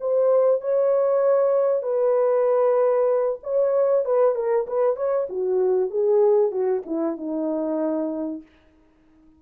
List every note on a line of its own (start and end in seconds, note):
0.00 0.61 C5
0.61 1.82 C#5
1.82 3.39 B4
3.43 4.05 C#5
4.05 4.35 B4
4.35 4.66 A#4
4.67 4.96 B4
4.96 5.27 C#5
5.29 5.90 F#4
5.90 6.51 G#4
6.51 6.82 F#4
6.86 7.17 E4
7.17 8.42 D#4